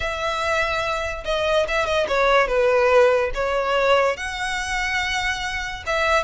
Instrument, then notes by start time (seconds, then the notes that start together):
violin
0.00 E5
1.24 D#5
1.68 E5
1.85 D#5
2.08 C#5
2.47 B4
3.34 C#5
4.16 F#5
5.86 E5